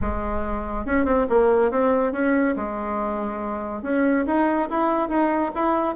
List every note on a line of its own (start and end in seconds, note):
0.01 0.85 G#3
0.85 1.05 C#4
1.05 1.26 C4
1.29 1.71 A#3
1.71 2.12 C4
2.12 2.55 C#4
2.56 3.82 G#3
3.82 4.25 C#4
4.26 4.68 D#4
4.69 5.09 E4
5.09 5.51 D#4
5.55 5.95 E4